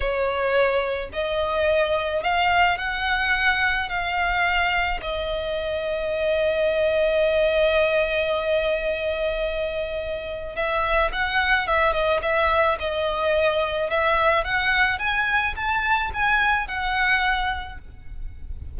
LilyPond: \new Staff \with { instrumentName = "violin" } { \time 4/4 \tempo 4 = 108 cis''2 dis''2 | f''4 fis''2 f''4~ | f''4 dis''2.~ | dis''1~ |
dis''2. e''4 | fis''4 e''8 dis''8 e''4 dis''4~ | dis''4 e''4 fis''4 gis''4 | a''4 gis''4 fis''2 | }